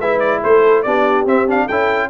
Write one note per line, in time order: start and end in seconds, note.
0.00 0.42 G#3
0.00 0.86 E4
0.00 0.42 B4
0.00 0.19 E5
0.19 0.40 D5
0.43 0.85 A3
0.43 0.85 A4
0.43 0.83 C5
0.83 1.25 B3
0.83 1.27 D4
0.83 1.66 G4
0.83 1.25 D5
1.25 1.67 C4
1.25 1.47 C4
1.25 1.49 E5
1.47 1.68 D4
1.47 1.68 F5
1.66 2.10 C#4
1.66 2.10 E4
1.66 2.08 A4
1.66 2.10 G5